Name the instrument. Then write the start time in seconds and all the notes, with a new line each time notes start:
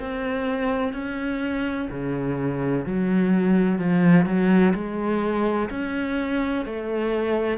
cello
0.00 C4
0.94 C#4
1.90 C#3
2.85 F#3
3.79 F3
4.26 F#3
4.74 G#3
5.70 C#4
6.65 A3